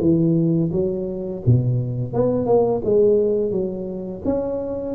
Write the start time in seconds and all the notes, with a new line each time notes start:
0.00 E3
0.72 F#3
1.46 B2
2.13 B3
2.46 A#3
2.85 G#3
3.52 F#3
4.25 C#4